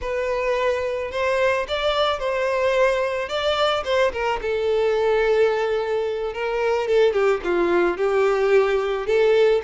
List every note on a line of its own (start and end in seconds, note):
0.01 1.11 B4
1.11 1.66 C5
1.68 2.19 D5
2.19 3.28 C5
3.28 3.83 D5
3.84 4.12 C5
4.12 4.40 A#4
4.41 6.33 A4
6.33 6.87 A#4
6.87 7.13 A4
7.13 7.40 G4
7.43 7.97 F4
7.97 9.06 G4
9.06 9.61 A4